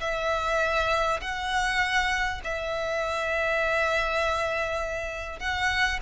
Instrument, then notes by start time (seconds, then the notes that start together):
violin
0.00 E5
1.21 F#5
2.44 E5
5.39 F#5